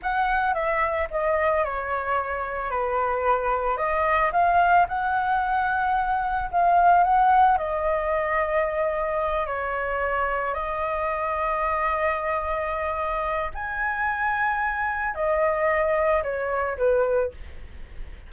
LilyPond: \new Staff \with { instrumentName = "flute" } { \time 4/4 \tempo 4 = 111 fis''4 e''4 dis''4 cis''4~ | cis''4 b'2 dis''4 | f''4 fis''2. | f''4 fis''4 dis''2~ |
dis''4. cis''2 dis''8~ | dis''1~ | dis''4 gis''2. | dis''2 cis''4 b'4 | }